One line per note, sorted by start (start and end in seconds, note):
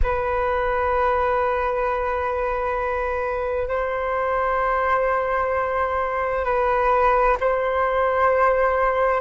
0.03 3.68 B4
3.68 6.44 C5
6.44 7.36 B4
7.40 9.21 C5